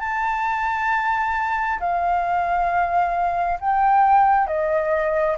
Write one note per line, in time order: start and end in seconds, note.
0.00 1.79 A5
1.80 3.59 F5
3.61 4.47 G5
4.47 5.37 D#5